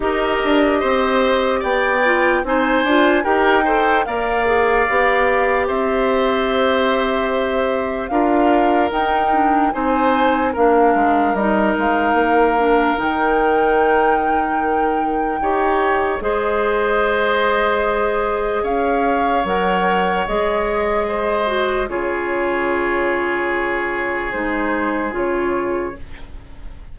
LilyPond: <<
  \new Staff \with { instrumentName = "flute" } { \time 4/4 \tempo 4 = 74 dis''2 g''4 gis''4 | g''4 f''2 e''4~ | e''2 f''4 g''4 | gis''4 f''4 dis''8 f''4. |
g''1 | dis''2. f''4 | fis''4 dis''2 cis''4~ | cis''2 c''4 cis''4 | }
  \new Staff \with { instrumentName = "oboe" } { \time 4/4 ais'4 c''4 d''4 c''4 | ais'8 c''8 d''2 c''4~ | c''2 ais'2 | c''4 ais'2.~ |
ais'2. cis''4 | c''2. cis''4~ | cis''2 c''4 gis'4~ | gis'1 | }
  \new Staff \with { instrumentName = "clarinet" } { \time 4/4 g'2~ g'8 f'8 dis'8 f'8 | g'8 a'8 ais'8 gis'8 g'2~ | g'2 f'4 dis'8 d'8 | dis'4 d'4 dis'4. d'8 |
dis'2. g'4 | gis'1 | ais'4 gis'4. fis'8 f'4~ | f'2 dis'4 f'4 | }
  \new Staff \with { instrumentName = "bassoon" } { \time 4/4 dis'8 d'8 c'4 b4 c'8 d'8 | dis'4 ais4 b4 c'4~ | c'2 d'4 dis'4 | c'4 ais8 gis8 g8 gis8 ais4 |
dis2. dis'4 | gis2. cis'4 | fis4 gis2 cis4~ | cis2 gis4 cis4 | }
>>